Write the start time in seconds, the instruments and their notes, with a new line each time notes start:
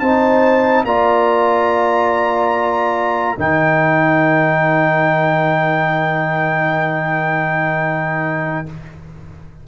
0.00 tuba C4, trombone D#4, horn C5, trumpet A5
0.84 tuba A#3, trombone F4, horn D5, trumpet A#5
3.38 tuba D#3, trombone D#4, horn A#4, trumpet G5